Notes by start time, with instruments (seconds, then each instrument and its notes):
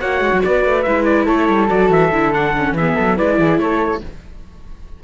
0.00 cello A#3, viola F#4, flute C#5, trumpet F#5
0.21 cello G#3
0.32 cello F#3
0.44 cello B3, flute B4, trumpet D5
0.64 cello A3
0.82 cello G#3, viola E4, trumpet E5
1.05 trumpet D5
1.25 cello A3, flute A4, trumpet C#5
1.48 cello G3
1.68 cello F#3, viola F#4, trumpet D5
1.90 cello E3, trumpet E5
2.11 cello D3, viola E4
2.33 viola D4, trumpet F#5
2.57 viola C#4
2.72 cello E3, flute G#4, trumpet E5
2.79 viola B3
2.95 cello F#3, flute A4
3.16 cello G#3, viola E4, flute B4, trumpet D5
3.38 cello E3, flute G#4
3.58 cello A3, flute A4, trumpet C#5